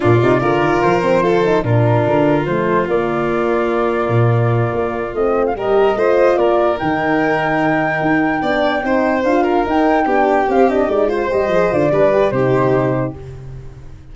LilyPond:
<<
  \new Staff \with { instrumentName = "flute" } { \time 4/4 \tempo 4 = 146 d''2 c''2 | ais'2 c''4 d''4~ | d''1~ | d''8 dis''8. f''16 dis''2 d''8~ |
d''8 g''2.~ g''8~ | g''2~ g''8 f''4 g''8~ | g''4. f''8 dis''8 d''8 c''8 dis''8~ | dis''8 d''4. c''2 | }
  \new Staff \with { instrumentName = "violin" } { \time 4/4 f'4 ais'2 a'4 | f'1~ | f'1~ | f'4. ais'4 c''4 ais'8~ |
ais'1~ | ais'8 d''4 c''4. ais'4~ | ais'8 g'2~ g'8 c''4~ | c''4 b'4 g'2 | }
  \new Staff \with { instrumentName = "horn" } { \time 4/4 d'8 dis'8 f'4. c'8 f'8 dis'8 | d'2 a4 ais4~ | ais1~ | ais8 c'4 g'4 f'4.~ |
f'8 dis'2.~ dis'8~ | dis'8 d'4 dis'4 f'4 dis'8~ | dis'8 d'4 c'8 d'8 dis'8 f'8 g'8 | gis'8 f'8 d'8 g'8 dis'2 | }
  \new Staff \with { instrumentName = "tuba" } { \time 4/4 ais,8 c8 d8 dis8 f2 | ais,4 d4 f4 ais4~ | ais2 ais,4. ais8~ | ais8 a4 g4 a4 ais8~ |
ais8 dis2. dis'8~ | dis'8 b4 c'4 d'4 dis'8~ | dis'8 b4 c'4 gis4 g8 | f8 d8 g4 c2 | }
>>